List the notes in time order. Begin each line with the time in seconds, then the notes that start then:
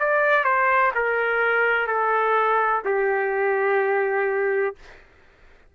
0.00 D5
0.44 C5
0.95 A#4
1.88 A4
2.85 G4